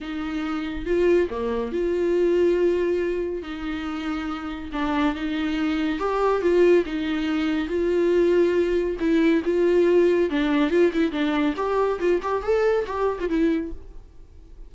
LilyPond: \new Staff \with { instrumentName = "viola" } { \time 4/4 \tempo 4 = 140 dis'2 f'4 ais4 | f'1 | dis'2. d'4 | dis'2 g'4 f'4 |
dis'2 f'2~ | f'4 e'4 f'2 | d'4 f'8 e'8 d'4 g'4 | f'8 g'8 a'4 g'8. f'16 e'4 | }